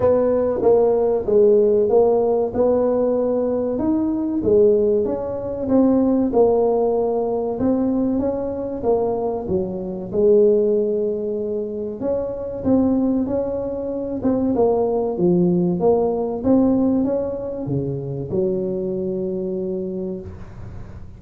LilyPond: \new Staff \with { instrumentName = "tuba" } { \time 4/4 \tempo 4 = 95 b4 ais4 gis4 ais4 | b2 dis'4 gis4 | cis'4 c'4 ais2 | c'4 cis'4 ais4 fis4 |
gis2. cis'4 | c'4 cis'4. c'8 ais4 | f4 ais4 c'4 cis'4 | cis4 fis2. | }